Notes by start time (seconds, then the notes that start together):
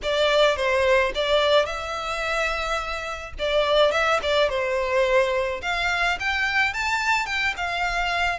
0.02 D5
0.56 C5
1.14 D5
1.65 E5
3.38 D5
3.91 E5
4.22 D5
4.49 C5
5.62 F5
6.19 G5
6.73 A5
7.25 G5
7.56 F5